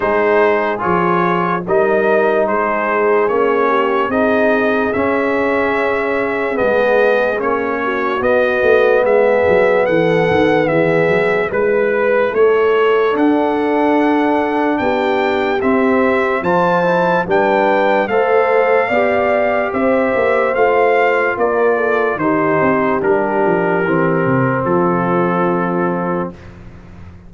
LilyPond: <<
  \new Staff \with { instrumentName = "trumpet" } { \time 4/4 \tempo 4 = 73 c''4 cis''4 dis''4 c''4 | cis''4 dis''4 e''2 | dis''4 cis''4 dis''4 e''4 | fis''4 e''4 b'4 cis''4 |
fis''2 g''4 e''4 | a''4 g''4 f''2 | e''4 f''4 d''4 c''4 | ais'2 a'2 | }
  \new Staff \with { instrumentName = "horn" } { \time 4/4 gis'2 ais'4 gis'4~ | gis'8 g'8 gis'2.~ | gis'4. fis'4. gis'4 | a'4 gis'4 b'4 a'4~ |
a'2 g'2 | c''4 b'4 c''4 d''4 | c''2 ais'8 a'8 g'4~ | g'2 f'2 | }
  \new Staff \with { instrumentName = "trombone" } { \time 4/4 dis'4 f'4 dis'2 | cis'4 dis'4 cis'2 | b4 cis'4 b2~ | b2 e'2 |
d'2. c'4 | f'8 e'8 d'4 a'4 g'4~ | g'4 f'2 dis'4 | d'4 c'2. | }
  \new Staff \with { instrumentName = "tuba" } { \time 4/4 gis4 f4 g4 gis4 | ais4 c'4 cis'2 | gis4 ais4 b8 a8 gis8 fis8 | e8 dis8 e8 fis8 gis4 a4 |
d'2 b4 c'4 | f4 g4 a4 b4 | c'8 ais8 a4 ais4 dis8 c'8 | g8 f8 e8 c8 f2 | }
>>